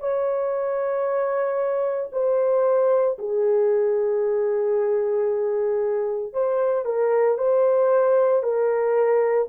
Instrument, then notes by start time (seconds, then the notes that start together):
horn
0.00 C#5
2.12 C5
3.19 G#4
6.33 C5
6.86 A#4
7.38 C5
8.44 A#4